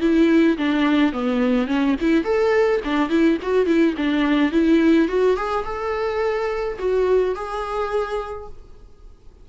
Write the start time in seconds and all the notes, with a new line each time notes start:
0.00 E4
0.57 D4
1.12 B3
1.67 C#4
2.00 E4
2.24 A4
2.84 D4
3.09 E4
3.42 F#4
3.66 E4
3.97 D4
4.52 E4
5.08 F#4
5.36 G#4
5.64 A4
6.78 F#4
7.35 G#4